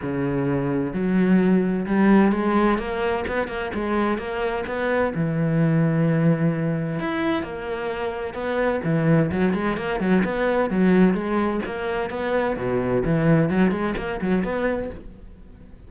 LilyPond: \new Staff \with { instrumentName = "cello" } { \time 4/4 \tempo 4 = 129 cis2 fis2 | g4 gis4 ais4 b8 ais8 | gis4 ais4 b4 e4~ | e2. e'4 |
ais2 b4 e4 | fis8 gis8 ais8 fis8 b4 fis4 | gis4 ais4 b4 b,4 | e4 fis8 gis8 ais8 fis8 b4 | }